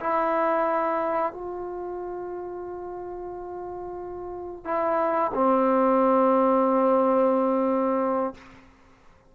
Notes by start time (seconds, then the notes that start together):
0.00 E4
1.33 F4
4.65 E4
5.34 C4